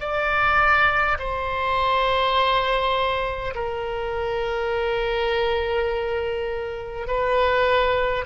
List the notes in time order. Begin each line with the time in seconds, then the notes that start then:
0.00 D5
1.19 C5
3.55 A#4
7.07 B4